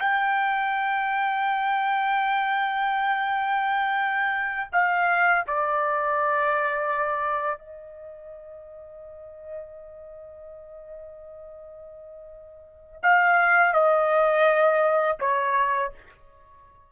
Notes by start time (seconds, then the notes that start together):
0.00 G5
4.73 F5
5.47 D5
7.58 D#5
13.03 F5
13.74 D#5
15.20 C#5